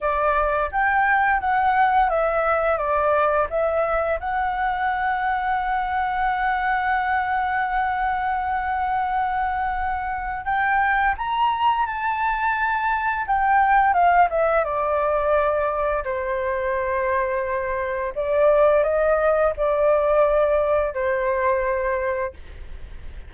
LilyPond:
\new Staff \with { instrumentName = "flute" } { \time 4/4 \tempo 4 = 86 d''4 g''4 fis''4 e''4 | d''4 e''4 fis''2~ | fis''1~ | fis''2. g''4 |
ais''4 a''2 g''4 | f''8 e''8 d''2 c''4~ | c''2 d''4 dis''4 | d''2 c''2 | }